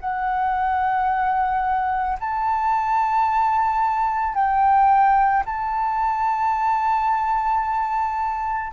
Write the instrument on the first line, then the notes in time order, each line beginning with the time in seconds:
flute
0.00 F#5
2.20 A5
4.35 G5
5.46 A5